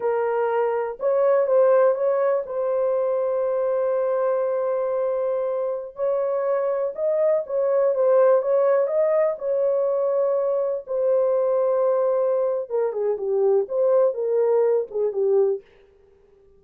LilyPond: \new Staff \with { instrumentName = "horn" } { \time 4/4 \tempo 4 = 123 ais'2 cis''4 c''4 | cis''4 c''2.~ | c''1~ | c''16 cis''2 dis''4 cis''8.~ |
cis''16 c''4 cis''4 dis''4 cis''8.~ | cis''2~ cis''16 c''4.~ c''16~ | c''2 ais'8 gis'8 g'4 | c''4 ais'4. gis'8 g'4 | }